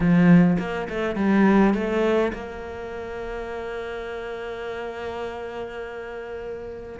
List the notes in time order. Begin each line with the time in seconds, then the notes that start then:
0.00 F3
0.59 A#3
0.89 A3
1.15 G3
1.74 A3
2.33 A#3